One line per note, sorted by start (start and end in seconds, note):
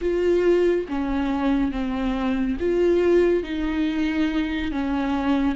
0.01 0.86 F4
0.88 1.71 C#4
1.71 2.57 C4
2.59 3.43 F4
3.43 4.71 D#4
4.71 5.55 C#4